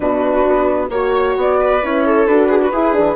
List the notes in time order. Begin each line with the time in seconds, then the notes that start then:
0.00 B2 D4 F#4 B4
0.48 B3
0.89 A#3 F#4 C#5
1.37 B3 D5
1.60 B4
1.82 C#4 E4 C#5
2.05 A4
2.26 D4 F#4 B4
2.49 G#4
2.62 F#4
2.72 E4 G#4
2.92 E3 D4